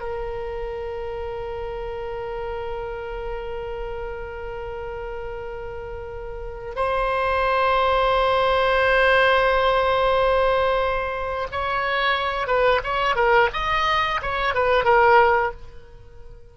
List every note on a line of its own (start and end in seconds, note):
0.00 6.74 A#4
6.75 11.47 C5
11.51 12.47 C#5
12.47 12.81 B4
12.84 13.16 C#5
13.16 13.49 A#4
13.53 14.21 D#5
14.22 14.54 C#5
14.54 14.84 B4
14.84 15.52 A#4